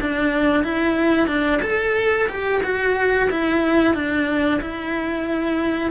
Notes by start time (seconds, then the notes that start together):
0.00 D4
0.64 E4
1.27 D4
1.62 A4
2.29 G4
2.63 F#4
3.30 E4
3.94 D4
4.61 E4